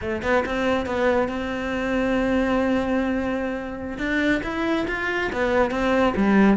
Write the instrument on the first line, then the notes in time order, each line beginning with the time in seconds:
cello
0.01 A3
0.22 B3
0.45 C4
0.86 B3
1.28 C4
3.98 D4
4.43 E4
4.87 F4
5.32 B3
5.71 C4
6.16 G3